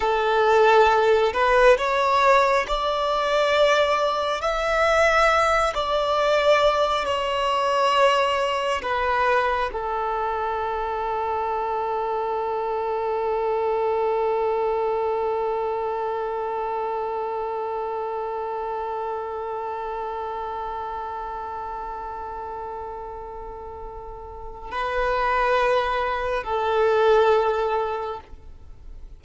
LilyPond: \new Staff \with { instrumentName = "violin" } { \time 4/4 \tempo 4 = 68 a'4. b'8 cis''4 d''4~ | d''4 e''4. d''4. | cis''2 b'4 a'4~ | a'1~ |
a'1~ | a'1~ | a'1 | b'2 a'2 | }